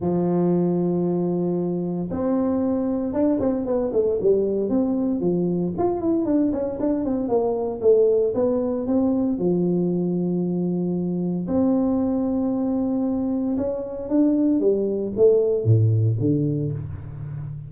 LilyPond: \new Staff \with { instrumentName = "tuba" } { \time 4/4 \tempo 4 = 115 f1 | c'2 d'8 c'8 b8 a8 | g4 c'4 f4 f'8 e'8 | d'8 cis'8 d'8 c'8 ais4 a4 |
b4 c'4 f2~ | f2 c'2~ | c'2 cis'4 d'4 | g4 a4 a,4 d4 | }